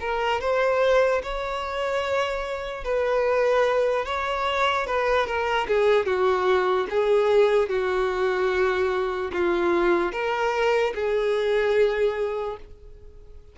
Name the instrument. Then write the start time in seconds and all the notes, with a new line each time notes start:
violin
0.00 A#4
0.41 C5
1.22 C#5
2.84 B4
4.05 C#5
4.86 B4
5.26 A#4
5.68 G#4
6.05 F#4
6.89 G#4
7.69 F#4
9.32 F4
10.12 A#4
10.94 G#4